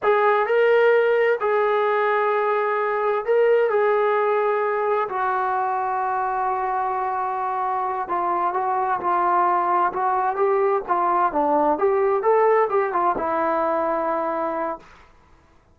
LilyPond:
\new Staff \with { instrumentName = "trombone" } { \time 4/4 \tempo 4 = 130 gis'4 ais'2 gis'4~ | gis'2. ais'4 | gis'2. fis'4~ | fis'1~ |
fis'4. f'4 fis'4 f'8~ | f'4. fis'4 g'4 f'8~ | f'8 d'4 g'4 a'4 g'8 | f'8 e'2.~ e'8 | }